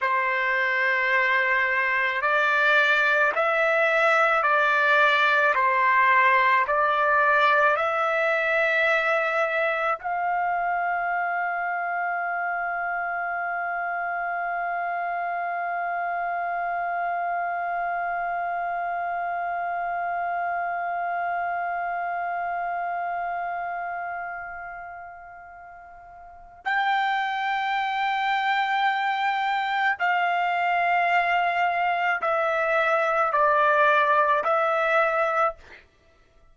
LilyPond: \new Staff \with { instrumentName = "trumpet" } { \time 4/4 \tempo 4 = 54 c''2 d''4 e''4 | d''4 c''4 d''4 e''4~ | e''4 f''2.~ | f''1~ |
f''1~ | f''1 | g''2. f''4~ | f''4 e''4 d''4 e''4 | }